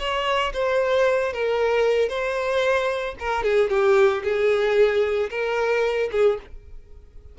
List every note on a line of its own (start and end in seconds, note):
0.00 0.53 C#5
0.54 1.33 C5
1.33 2.09 A#4
2.09 3.15 C5
3.20 3.44 A#4
3.44 3.70 G#4
3.70 4.23 G4
4.24 5.30 G#4
5.31 6.10 A#4
6.12 6.39 G#4